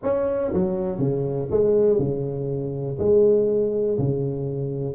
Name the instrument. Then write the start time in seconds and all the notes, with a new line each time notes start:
tuba
0.03 C#4
0.53 F#3
0.98 C#3
1.50 G#3
1.98 C#3
2.98 G#3
3.98 C#3